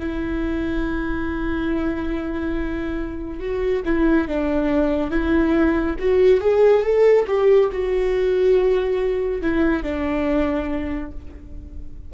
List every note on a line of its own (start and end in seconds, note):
0.00 3.40 E4
3.40 3.83 F#4
3.85 4.28 E4
4.29 5.11 D4
5.11 5.97 E4
6.00 6.41 F#4
6.41 6.83 G#4
6.83 7.26 A4
7.27 7.70 G4
7.72 9.42 F#4
9.42 9.83 E4
9.83 11.12 D4